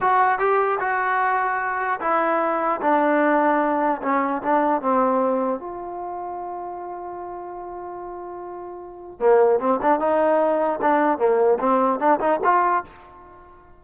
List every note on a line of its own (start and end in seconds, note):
0.00 0.38 F#4
0.38 0.78 G4
0.80 2.00 F#4
2.00 2.80 E4
2.81 4.01 D4
4.02 4.42 C#4
4.42 4.81 D4
4.81 5.59 C4
5.59 9.19 F4
9.19 9.59 A#3
9.59 9.79 C4
9.81 9.99 D4
9.99 10.79 D#4
10.81 11.18 D4
11.18 11.58 A#3
11.59 11.99 C4
11.99 12.19 D4
12.19 12.39 D#4
12.44 12.84 F4